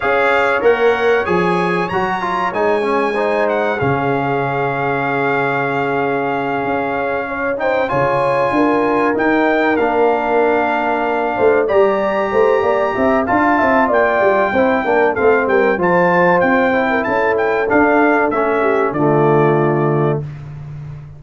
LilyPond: <<
  \new Staff \with { instrumentName = "trumpet" } { \time 4/4 \tempo 4 = 95 f''4 fis''4 gis''4 ais''4 | gis''4. fis''8 f''2~ | f''1 | g''8 gis''2 g''4 f''8~ |
f''2~ f''8 ais''4.~ | ais''4 a''4 g''2 | f''8 g''8 a''4 g''4 a''8 g''8 | f''4 e''4 d''2 | }
  \new Staff \with { instrumentName = "horn" } { \time 4/4 cis''1~ | cis''4 c''4 gis'2~ | gis'2.~ gis'8 cis''8 | c''8 cis''4 ais'2~ ais'8~ |
ais'2 c''8 d''4 c''8 | d''8 e''8 f''8 e''8 d''4 c''8 ais'8 | a'8 ais'8 c''4.~ c''16 ais'16 a'4~ | a'4. g'8 f'2 | }
  \new Staff \with { instrumentName = "trombone" } { \time 4/4 gis'4 ais'4 gis'4 fis'8 f'8 | dis'8 cis'8 dis'4 cis'2~ | cis'1 | dis'8 f'2 dis'4 d'8~ |
d'2~ d'8 g'4.~ | g'4 f'2 e'8 d'8 | c'4 f'4. e'4. | d'4 cis'4 a2 | }
  \new Staff \with { instrumentName = "tuba" } { \time 4/4 cis'4 ais4 f4 fis4 | gis2 cis2~ | cis2~ cis8 cis'4.~ | cis'8 cis4 d'4 dis'4 ais8~ |
ais2 a8 g4 a8 | ais8 c'8 d'8 c'8 ais8 g8 c'8 ais8 | a8 g8 f4 c'4 cis'4 | d'4 a4 d2 | }
>>